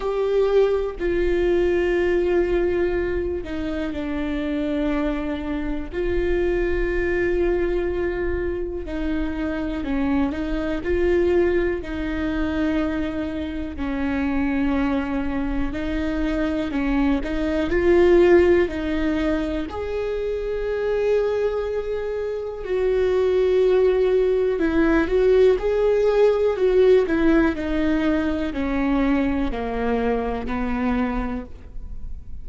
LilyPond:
\new Staff \with { instrumentName = "viola" } { \time 4/4 \tempo 4 = 61 g'4 f'2~ f'8 dis'8 | d'2 f'2~ | f'4 dis'4 cis'8 dis'8 f'4 | dis'2 cis'2 |
dis'4 cis'8 dis'8 f'4 dis'4 | gis'2. fis'4~ | fis'4 e'8 fis'8 gis'4 fis'8 e'8 | dis'4 cis'4 ais4 b4 | }